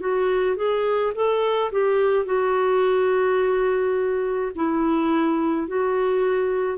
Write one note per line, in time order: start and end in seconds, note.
0.00 0.57 F#4
0.57 1.13 G#4
1.15 1.72 A4
1.72 2.25 G4
2.25 4.52 F#4
4.56 5.68 E4
5.68 6.78 F#4